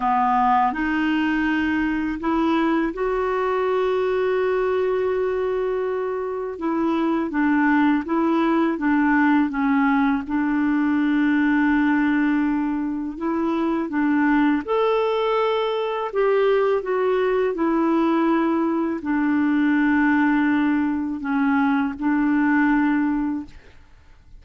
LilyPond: \new Staff \with { instrumentName = "clarinet" } { \time 4/4 \tempo 4 = 82 b4 dis'2 e'4 | fis'1~ | fis'4 e'4 d'4 e'4 | d'4 cis'4 d'2~ |
d'2 e'4 d'4 | a'2 g'4 fis'4 | e'2 d'2~ | d'4 cis'4 d'2 | }